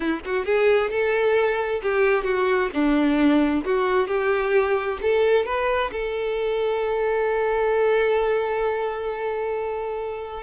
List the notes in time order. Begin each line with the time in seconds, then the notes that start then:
0.00 E4
0.25 F#4
0.45 G#4
0.90 A4
1.82 G4
2.24 F#4
2.73 D4
3.64 F#4
4.07 G4
5.01 A4
5.45 B4
5.92 A4